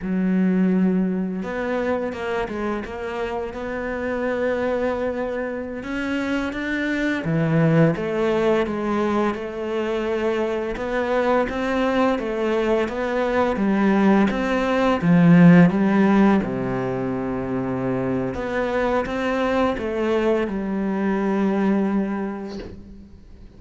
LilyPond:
\new Staff \with { instrumentName = "cello" } { \time 4/4 \tempo 4 = 85 fis2 b4 ais8 gis8 | ais4 b2.~ | b16 cis'4 d'4 e4 a8.~ | a16 gis4 a2 b8.~ |
b16 c'4 a4 b4 g8.~ | g16 c'4 f4 g4 c8.~ | c2 b4 c'4 | a4 g2. | }